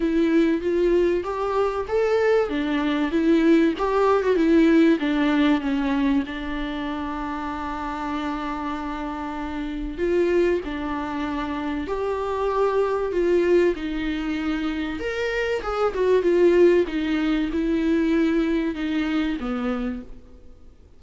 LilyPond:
\new Staff \with { instrumentName = "viola" } { \time 4/4 \tempo 4 = 96 e'4 f'4 g'4 a'4 | d'4 e'4 g'8. fis'16 e'4 | d'4 cis'4 d'2~ | d'1 |
f'4 d'2 g'4~ | g'4 f'4 dis'2 | ais'4 gis'8 fis'8 f'4 dis'4 | e'2 dis'4 b4 | }